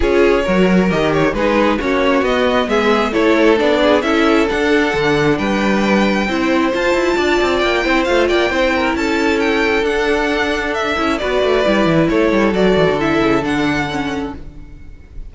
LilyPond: <<
  \new Staff \with { instrumentName = "violin" } { \time 4/4 \tempo 4 = 134 cis''2 dis''8 cis''8 b'4 | cis''4 dis''4 e''4 cis''4 | d''4 e''4 fis''2 | g''2. a''4~ |
a''4 g''4 f''8 g''4. | a''4 g''4 fis''2 | e''4 d''2 cis''4 | d''4 e''4 fis''2 | }
  \new Staff \with { instrumentName = "violin" } { \time 4/4 gis'4 ais'2 gis'4 | fis'2 gis'4 a'4~ | a'8 gis'8 a'2. | b'2 c''2 |
d''4. c''4 d''8 c''8 ais'8 | a'1~ | a'4 b'2 a'4~ | a'1 | }
  \new Staff \with { instrumentName = "viola" } { \time 4/4 f'4 fis'4 g'4 dis'4 | cis'4 b2 e'4 | d'4 e'4 d'2~ | d'2 e'4 f'4~ |
f'4. e'8 f'4 e'4~ | e'2 d'2~ | d'8 e'8 fis'4 e'2 | fis'4 e'4 d'4 cis'4 | }
  \new Staff \with { instrumentName = "cello" } { \time 4/4 cis'4 fis4 dis4 gis4 | ais4 b4 gis4 a4 | b4 cis'4 d'4 d4 | g2 c'4 f'8 e'8 |
d'8 c'8 ais8 c'8 a8 ais8 c'4 | cis'2 d'2~ | d'8 cis'8 b8 a8 g8 e8 a8 g8 | fis8 e16 d8. cis8 d2 | }
>>